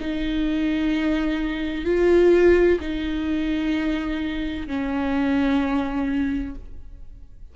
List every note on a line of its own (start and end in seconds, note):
0.00 1.85 D#4
1.85 2.79 F4
2.80 4.67 D#4
4.67 6.55 C#4